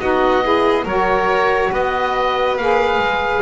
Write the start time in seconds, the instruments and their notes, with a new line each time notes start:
0.00 double bass B3, saxophone D#4, violin F#4, oboe D#5
0.43 saxophone E4, violin G#4
0.85 double bass F#3, saxophone F#4, violin A#4, oboe C#5
1.72 double bass B3, violin B4, oboe D#5
2.58 double bass A#3, saxophone G#4, oboe F5
2.99 double bass G#3